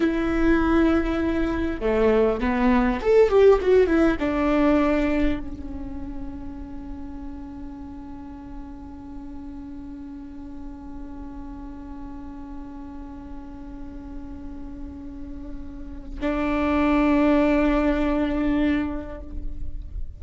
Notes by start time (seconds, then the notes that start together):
0.00 E4
1.80 A3
2.40 B3
3.01 A4
3.29 G4
3.61 F#4
3.86 E4
4.19 D4
5.39 C#4
16.20 D4